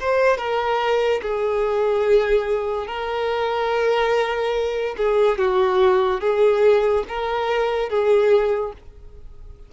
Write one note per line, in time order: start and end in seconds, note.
0.00 0.37 C5
0.37 1.21 A#4
1.22 2.87 G#4
2.87 4.95 A#4
4.97 5.38 G#4
5.38 6.20 F#4
6.20 7.04 G#4
7.08 7.89 A#4
7.89 8.73 G#4